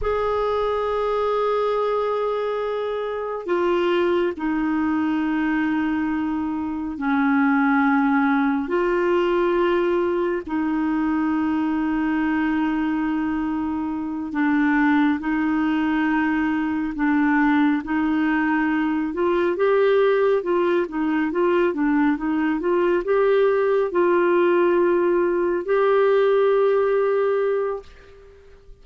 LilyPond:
\new Staff \with { instrumentName = "clarinet" } { \time 4/4 \tempo 4 = 69 gis'1 | f'4 dis'2. | cis'2 f'2 | dis'1~ |
dis'8 d'4 dis'2 d'8~ | d'8 dis'4. f'8 g'4 f'8 | dis'8 f'8 d'8 dis'8 f'8 g'4 f'8~ | f'4. g'2~ g'8 | }